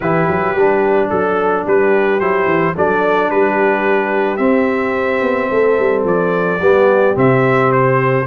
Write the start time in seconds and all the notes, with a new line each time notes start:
0.00 E3 E4 G4 B4
0.28 F#3
0.54 G3 D4
1.09 F#3 A4
1.65 G3 G4 B4
2.19 F#3 E4 C5
2.45 E3
2.74 F#3 D4 A4 D5
3.30 G3 G4 B4
4.36 C4 E5
5.21 B3
5.50 A3 A4
5.79 G3
6.04 F3 D5
6.60 G3 B3 G4
7.15 C3 C4 E5
7.72 C5